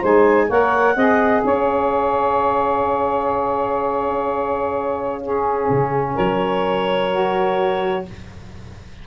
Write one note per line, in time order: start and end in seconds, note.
0.00 0.49 G#3
0.00 0.48 D#4
0.00 0.47 C5
0.00 0.50 G#5
0.48 0.96 A#3
0.48 0.96 A#4
0.48 0.95 C#5
0.48 1.44 F#5
0.96 1.43 C4
0.96 5.21 G#4
0.96 1.43 D#5
1.44 5.69 C#4
1.44 5.22 C#5
1.44 6.16 F5
5.21 7.10 C#4
5.21 6.14 G#4
5.70 6.17 C#3
6.14 8.07 F#3
6.14 8.03 A#4
6.14 8.05 C#5
7.11 8.05 F#4